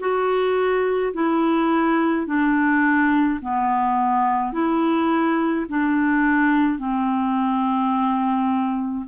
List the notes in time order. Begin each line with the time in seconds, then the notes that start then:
0.00 F#4
1.13 E4
2.27 D4
3.42 B3
4.53 E4
5.69 D4
6.79 C4